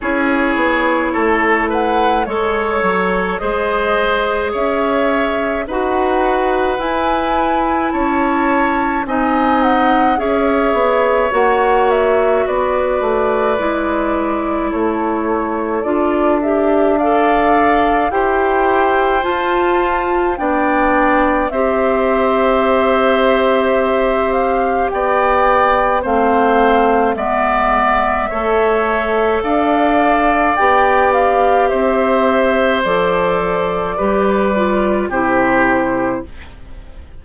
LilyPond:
<<
  \new Staff \with { instrumentName = "flute" } { \time 4/4 \tempo 4 = 53 cis''4. fis''8 cis''4 dis''4 | e''4 fis''4 gis''4 a''4 | gis''8 fis''8 e''4 fis''8 e''8 d''4~ | d''4 cis''4 d''8 e''8 f''4 |
g''4 a''4 g''4 e''4~ | e''4. f''8 g''4 f''4 | e''2 f''4 g''8 f''8 | e''4 d''2 c''4 | }
  \new Staff \with { instrumentName = "oboe" } { \time 4/4 gis'4 a'8 b'8 cis''4 c''4 | cis''4 b'2 cis''4 | dis''4 cis''2 b'4~ | b'4 a'2 d''4 |
c''2 d''4 c''4~ | c''2 d''4 c''4 | d''4 cis''4 d''2 | c''2 b'4 g'4 | }
  \new Staff \with { instrumentName = "clarinet" } { \time 4/4 e'2 a'4 gis'4~ | gis'4 fis'4 e'2 | dis'4 gis'4 fis'2 | e'2 f'8 g'8 a'4 |
g'4 f'4 d'4 g'4~ | g'2. c'4 | b4 a'2 g'4~ | g'4 a'4 g'8 f'8 e'4 | }
  \new Staff \with { instrumentName = "bassoon" } { \time 4/4 cis'8 b8 a4 gis8 fis8 gis4 | cis'4 dis'4 e'4 cis'4 | c'4 cis'8 b8 ais4 b8 a8 | gis4 a4 d'2 |
e'4 f'4 b4 c'4~ | c'2 b4 a4 | gis4 a4 d'4 b4 | c'4 f4 g4 c4 | }
>>